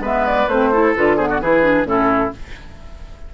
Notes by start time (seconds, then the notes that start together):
0.00 G#3 B3 B4 E5
0.27 D5
0.48 A3 C4 C5
0.71 E4 A4
0.96 D3 F4 B4
1.17 B3 G#4 C5
1.29 F#4 D5
1.41 E3 E4 G#4 B4
1.63 D4
1.85 A2 C#4 E4 A4